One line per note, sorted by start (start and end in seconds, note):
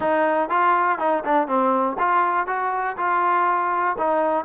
0.00 0.49 D#4
0.49 0.98 F4
0.98 1.23 D#4
1.24 1.47 D4
1.47 1.97 C4
1.98 2.46 F4
2.46 2.96 F#4
2.97 3.96 F4
3.97 4.45 D#4